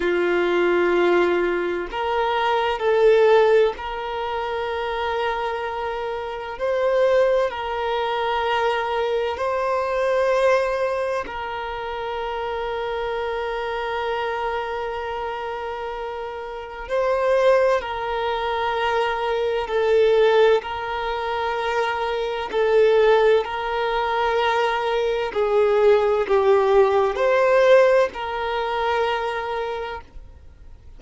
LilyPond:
\new Staff \with { instrumentName = "violin" } { \time 4/4 \tempo 4 = 64 f'2 ais'4 a'4 | ais'2. c''4 | ais'2 c''2 | ais'1~ |
ais'2 c''4 ais'4~ | ais'4 a'4 ais'2 | a'4 ais'2 gis'4 | g'4 c''4 ais'2 | }